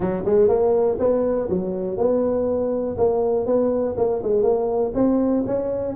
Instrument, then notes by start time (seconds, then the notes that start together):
tuba
0.00 F#3
0.25 G#3
0.48 A#3
0.99 B3
1.49 F#3
1.97 B3
2.97 A#3
3.46 B3
3.97 A#3
4.22 G#3
4.42 A#3
4.94 C4
5.46 C#4